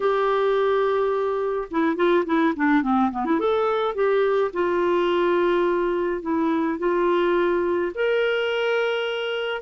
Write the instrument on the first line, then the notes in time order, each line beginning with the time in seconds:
clarinet
0.00 G4
1.71 E4
1.96 F4
2.25 E4
2.55 D4
2.82 C4
3.11 B3
3.25 E4
3.39 A4
3.94 G4
4.53 F4
6.22 E4
6.78 F4
7.94 A#4